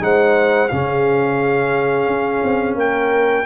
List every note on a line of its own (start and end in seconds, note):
0.00 0.70 G#3
0.00 0.69 D#4
0.00 0.72 C5
0.00 0.68 F#5
0.68 2.07 C#3
0.68 3.46 C#4
0.68 2.79 G#4
0.68 2.75 F5
2.07 2.42 C#4
2.44 2.75 C4
2.75 3.44 A#3
2.75 3.46 A#4
2.75 3.46 G5